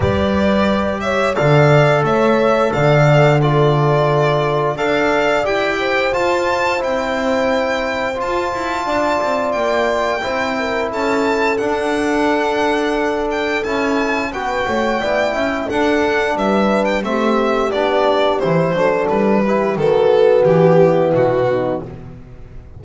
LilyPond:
<<
  \new Staff \with { instrumentName = "violin" } { \time 4/4 \tempo 4 = 88 d''4. e''8 f''4 e''4 | f''4 d''2 f''4 | g''4 a''4 g''2 | a''2 g''2 |
a''4 fis''2~ fis''8 g''8 | a''4 g''2 fis''4 | e''8. g''16 e''4 d''4 c''4 | b'4 a'4 g'4 fis'4 | }
  \new Staff \with { instrumentName = "horn" } { \time 4/4 b'4. cis''8 d''4 cis''4 | d''4 a'2 d''4~ | d''8 c''2.~ c''8~ | c''4 d''2 c''8 ais'8 |
a'1~ | a'4 b'8 cis''8 d''8 e''8 a'4 | b'4 g'2~ g'8 a'8~ | a'8 g'8 fis'4. e'4 dis'8 | }
  \new Staff \with { instrumentName = "trombone" } { \time 4/4 g'2 a'2~ | a'4 f'2 a'4 | g'4 f'4 e'2 | f'2. e'4~ |
e'4 d'2. | e'4 fis'4 e'4 d'4~ | d'4 c'4 d'4 e'8 d'8~ | d'8 e'8 b2. | }
  \new Staff \with { instrumentName = "double bass" } { \time 4/4 g2 d4 a4 | d2. d'4 | e'4 f'4 c'2 | f'8 e'8 d'8 c'8 ais4 c'4 |
cis'4 d'2. | cis'4 b8 a8 b8 cis'8 d'4 | g4 a4 b4 e8 fis8 | g4 dis4 e4 b,4 | }
>>